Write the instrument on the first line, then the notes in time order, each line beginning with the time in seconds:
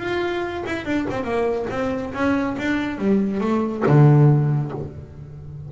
double bass
0.00 F4
0.66 E4
0.86 D4
1.11 C4
1.24 A#3
1.71 C4
2.14 C#4
2.59 D4
2.98 G3
3.41 A3
3.87 D3